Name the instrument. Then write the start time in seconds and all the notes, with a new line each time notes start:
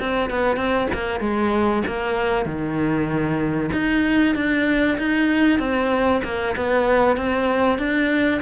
cello
0.00 C4
0.30 B3
0.57 C4
0.94 A#3
1.20 G#3
1.88 A#3
2.46 D#3
3.73 D#4
4.36 D4
4.99 D#4
5.59 C4
6.24 A#3
6.57 B3
7.17 C4
7.79 D4